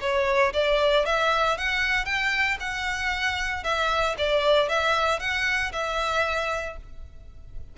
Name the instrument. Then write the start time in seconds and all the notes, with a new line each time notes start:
violin
0.00 C#5
0.53 D5
1.05 E5
1.57 F#5
2.05 G5
2.59 F#5
3.63 E5
4.17 D5
4.68 E5
5.19 F#5
5.72 E5